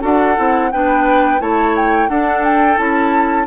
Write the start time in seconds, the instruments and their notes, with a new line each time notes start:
0.00 bassoon D4, clarinet F#4, oboe A4, flute F#5
0.36 bassoon C4, clarinet E4
0.72 bassoon B3, clarinet D4, oboe B4, flute G5
1.40 bassoon A3, clarinet E4, oboe C#5, flute A5
1.76 flute G5
2.08 bassoon D4, clarinet D4, oboe A4, flute F#5
2.44 flute G5
2.76 bassoon C#4, clarinet E4, flute A5